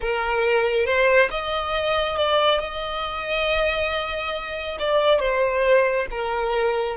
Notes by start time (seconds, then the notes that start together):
0.00 A#4
0.85 C5
1.30 D#5
2.16 D5
2.59 D#5
4.79 D5
5.19 C5
6.10 A#4